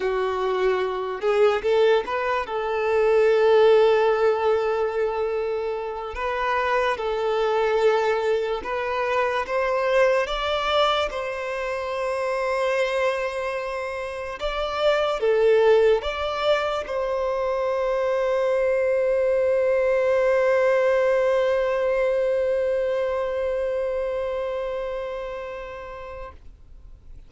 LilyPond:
\new Staff \with { instrumentName = "violin" } { \time 4/4 \tempo 4 = 73 fis'4. gis'8 a'8 b'8 a'4~ | a'2.~ a'8 b'8~ | b'8 a'2 b'4 c''8~ | c''8 d''4 c''2~ c''8~ |
c''4. d''4 a'4 d''8~ | d''8 c''2.~ c''8~ | c''1~ | c''1 | }